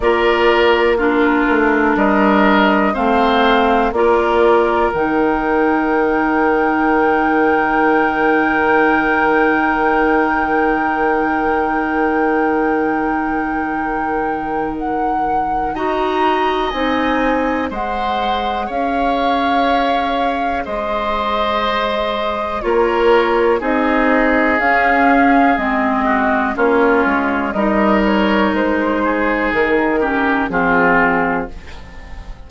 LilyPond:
<<
  \new Staff \with { instrumentName = "flute" } { \time 4/4 \tempo 4 = 61 d''4 ais'4 dis''4 f''4 | d''4 g''2.~ | g''1~ | g''2. fis''4 |
ais''4 gis''4 fis''4 f''4~ | f''4 dis''2 cis''4 | dis''4 f''4 dis''4 cis''4 | dis''8 cis''8 c''4 ais'4 gis'4 | }
  \new Staff \with { instrumentName = "oboe" } { \time 4/4 ais'4 f'4 ais'4 c''4 | ais'1~ | ais'1~ | ais'1 |
dis''2 c''4 cis''4~ | cis''4 c''2 ais'4 | gis'2~ gis'8 fis'8 f'4 | ais'4. gis'4 g'8 f'4 | }
  \new Staff \with { instrumentName = "clarinet" } { \time 4/4 f'4 d'2 c'4 | f'4 dis'2.~ | dis'1~ | dis'1 |
fis'4 dis'4 gis'2~ | gis'2. f'4 | dis'4 cis'4 c'4 cis'4 | dis'2~ dis'8 cis'8 c'4 | }
  \new Staff \with { instrumentName = "bassoon" } { \time 4/4 ais4. a8 g4 a4 | ais4 dis2.~ | dis1~ | dis1 |
dis'4 c'4 gis4 cis'4~ | cis'4 gis2 ais4 | c'4 cis'4 gis4 ais8 gis8 | g4 gis4 dis4 f4 | }
>>